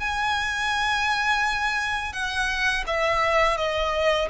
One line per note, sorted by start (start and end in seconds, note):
0.00 2.13 G#5
2.13 2.84 F#5
2.87 3.57 E5
3.57 4.29 D#5